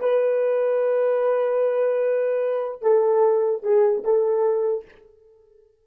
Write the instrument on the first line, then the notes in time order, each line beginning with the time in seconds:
horn
0.00 B4
2.82 A4
3.63 G#4
4.04 A4